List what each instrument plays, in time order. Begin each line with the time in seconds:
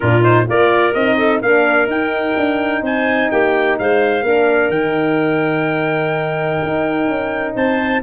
0.00 tuba A#2, horn D4, clarinet F4, trumpet A#4
0.21 horn D#4, trumpet C5
0.47 tuba A#3, horn F4, clarinet A#4, trumpet D5
0.93 tuba C4, horn D#4, trumpet D#5
1.17 clarinet A4
1.41 tuba A#3, horn D4, clarinet A#4, trumpet F5
1.86 tuba D#4, horn D#4, trumpet G5
2.36 tuba D4
2.81 tuba C4, clarinet C5, trumpet G#5
3.30 tuba A#3, clarinet G4, trumpet G5
3.78 tuba G#3, clarinet C5, trumpet F5
4.22 tuba A#3, horn D4, clarinet A#4
4.69 tuba D#3, horn D#4, trumpet G5
6.62 tuba D#4
7.07 tuba C#4
7.54 tuba C4, clarinet C5, trumpet A5